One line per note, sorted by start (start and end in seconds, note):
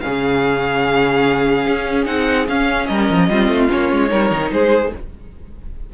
0.00 2.06 C#4
0.00 2.88 G#4
0.00 2.04 F5
0.07 1.66 C#3
1.66 2.06 C#4
2.06 2.47 C4
2.06 2.47 D#4
2.06 2.47 F#5
2.48 2.88 C#4
2.48 3.31 C#4
2.48 2.87 F5
2.87 3.10 G3
2.87 3.29 A#4
2.87 3.68 D#5
3.10 3.29 F3
3.29 3.48 G3
3.29 3.69 C4
3.29 4.10 F4
3.48 3.69 A3
3.69 3.92 A#3
3.69 4.10 C#4
3.69 4.52 C#5
3.92 4.12 G#3
4.10 4.31 G3
4.10 4.91 D#4
4.10 4.51 A#4
4.31 4.52 D#3
4.52 4.93 G#3
4.52 4.94 G#4
4.52 4.93 C5